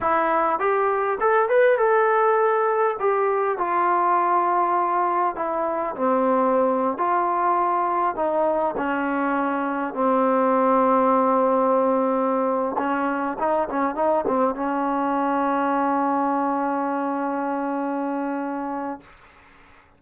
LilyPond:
\new Staff \with { instrumentName = "trombone" } { \time 4/4 \tempo 4 = 101 e'4 g'4 a'8 b'8 a'4~ | a'4 g'4 f'2~ | f'4 e'4 c'4.~ c'16 f'16~ | f'4.~ f'16 dis'4 cis'4~ cis'16~ |
cis'8. c'2.~ c'16~ | c'4. cis'4 dis'8 cis'8 dis'8 | c'8 cis'2.~ cis'8~ | cis'1 | }